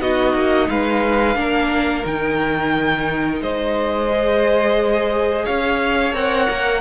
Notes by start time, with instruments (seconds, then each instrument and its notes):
0.00 cello B3, viola D#4, violin F#4 D#5
0.34 cello A#3
0.69 cello G#3, violin B4 F5
1.35 cello A#3, viola D4, violin A#4
2.05 cello D#3, viola D#4, violin G5
3.41 cello G#3, violin C5 D#5
4.10 viola G#4
5.45 cello C#4, violin C#5 F5
6.13 cello C4, viola A#4, violin F#5
6.50 cello A#3